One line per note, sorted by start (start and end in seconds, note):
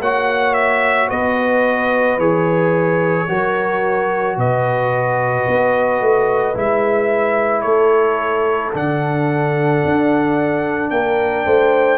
0.00 1.09 A#3
0.00 2.19 F#4
0.00 1.08 C#5
0.00 0.54 F#5
0.54 1.08 E5
1.08 2.18 B3
1.08 3.27 B4
1.08 2.19 D#5
2.18 3.27 E3
2.18 3.28 G#4
2.18 4.37 C#5
3.28 4.37 F#3
3.28 6.54 F#4
3.28 4.37 A#4
4.37 5.46 B2
4.37 7.64 B4
4.37 6.57 D#5
5.48 6.00 B3
6.00 6.55 A3
6.54 7.64 G#3
6.54 8.72 E4
6.54 7.61 E5
7.61 8.73 A3
7.61 10.91 A4
7.61 8.70 C#5
8.74 9.83 D3
8.74 11.98 D4
8.74 10.90 F#5
9.85 10.90 D4
10.90 11.45 A#3
10.90 11.46 A#4
10.90 11.98 G5
11.46 11.98 A3
11.46 11.98 C5